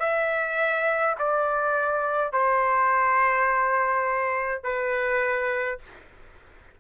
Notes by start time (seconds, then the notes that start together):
0.00 E5
1.19 D5
2.33 C5
4.64 B4